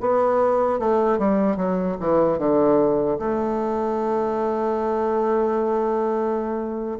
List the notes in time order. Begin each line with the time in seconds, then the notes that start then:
0.00 B3
0.79 A3
1.18 G3
1.56 F#3
2.00 E3
2.38 D3
3.19 A3